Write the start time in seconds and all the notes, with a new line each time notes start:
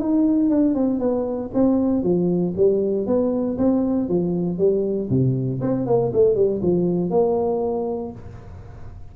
0.00 D#4
0.50 D4
0.75 C4
1.00 B3
1.54 C4
2.03 F3
2.57 G3
3.07 B3
3.58 C4
4.09 F3
4.58 G3
5.10 C3
5.61 C4
5.86 A#3
6.13 A3
6.35 G3
6.62 F3
7.10 A#3